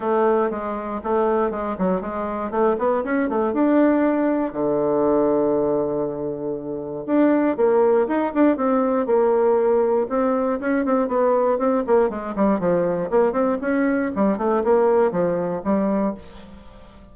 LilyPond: \new Staff \with { instrumentName = "bassoon" } { \time 4/4 \tempo 4 = 119 a4 gis4 a4 gis8 fis8 | gis4 a8 b8 cis'8 a8 d'4~ | d'4 d2.~ | d2 d'4 ais4 |
dis'8 d'8 c'4 ais2 | c'4 cis'8 c'8 b4 c'8 ais8 | gis8 g8 f4 ais8 c'8 cis'4 | g8 a8 ais4 f4 g4 | }